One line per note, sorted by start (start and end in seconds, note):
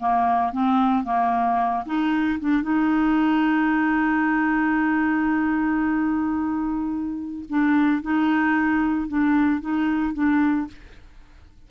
0.00 0.53 A#3
0.53 1.04 C4
1.04 1.85 A#3
1.86 2.39 D#4
2.40 2.63 D4
2.63 7.45 D#4
7.49 8.03 D4
8.03 9.09 D#4
9.09 9.61 D4
9.61 10.14 D#4
10.14 10.68 D4